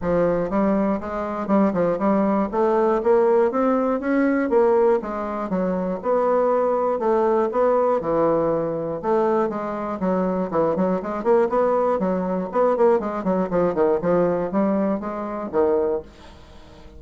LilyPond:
\new Staff \with { instrumentName = "bassoon" } { \time 4/4 \tempo 4 = 120 f4 g4 gis4 g8 f8 | g4 a4 ais4 c'4 | cis'4 ais4 gis4 fis4 | b2 a4 b4 |
e2 a4 gis4 | fis4 e8 fis8 gis8 ais8 b4 | fis4 b8 ais8 gis8 fis8 f8 dis8 | f4 g4 gis4 dis4 | }